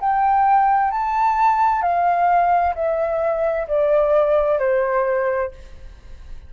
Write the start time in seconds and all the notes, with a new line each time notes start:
0.00 G5
0.91 A5
1.82 F5
2.75 E5
3.68 D5
4.59 C5